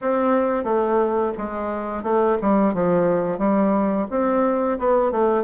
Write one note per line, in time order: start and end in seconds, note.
0.01 0.64 C4
0.64 1.32 A3
1.37 2.03 G#3
2.03 2.37 A3
2.41 2.74 G3
2.74 3.38 F3
3.38 4.06 G3
4.10 4.78 C4
4.79 5.11 B3
5.11 5.43 A3